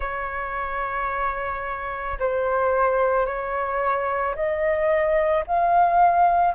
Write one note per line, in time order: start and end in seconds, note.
0.00 2.18 C#5
2.19 3.25 C5
3.25 4.34 C#5
4.35 5.44 D#5
5.46 6.54 F5